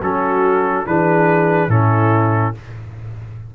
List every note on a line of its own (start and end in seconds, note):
0.00 0.85 F#3
0.00 0.87 C#4
0.00 0.85 F#4
0.00 0.86 A4
0.86 1.68 E3
0.86 1.70 D4
0.86 1.69 G#4
0.86 1.70 B4
1.68 2.52 A2
1.68 2.54 C#4
1.68 2.54 E4
1.68 2.55 A4